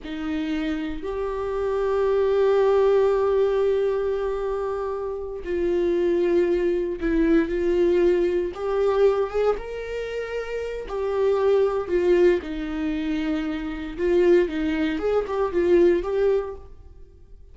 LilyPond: \new Staff \with { instrumentName = "viola" } { \time 4/4 \tempo 4 = 116 dis'2 g'2~ | g'1~ | g'2~ g'8 f'4.~ | f'4. e'4 f'4.~ |
f'8 g'4. gis'8 ais'4.~ | ais'4 g'2 f'4 | dis'2. f'4 | dis'4 gis'8 g'8 f'4 g'4 | }